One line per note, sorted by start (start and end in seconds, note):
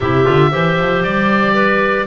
0.00 0.27 C3
0.00 0.24 E4
0.00 0.51 G4
0.00 1.03 E5
0.24 0.54 D3
0.24 0.50 F4
0.50 0.79 E3
0.50 2.05 G4
0.50 1.54 C5
0.79 1.03 F3
1.03 2.06 G3
1.03 2.06 D5
1.54 2.06 B4